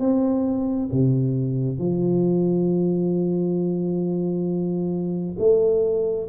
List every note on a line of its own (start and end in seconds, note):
0.00 0.90 C4
0.92 1.79 C3
1.79 5.37 F3
5.39 6.28 A3